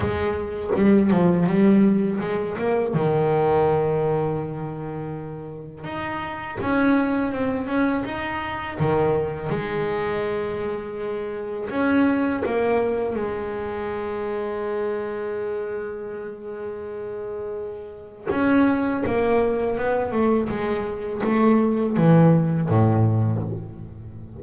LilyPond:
\new Staff \with { instrumentName = "double bass" } { \time 4/4 \tempo 4 = 82 gis4 g8 f8 g4 gis8 ais8 | dis1 | dis'4 cis'4 c'8 cis'8 dis'4 | dis4 gis2. |
cis'4 ais4 gis2~ | gis1~ | gis4 cis'4 ais4 b8 a8 | gis4 a4 e4 a,4 | }